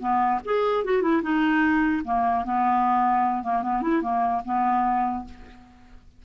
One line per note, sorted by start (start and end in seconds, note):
0.00 0.40 B3
0.45 0.85 G#4
0.85 1.02 F#4
1.02 1.22 E4
1.23 2.03 D#4
2.05 2.45 A#3
2.45 3.43 B3
3.43 3.63 A#3
3.63 3.82 B3
3.82 4.02 E4
4.02 4.42 A#3
4.45 5.25 B3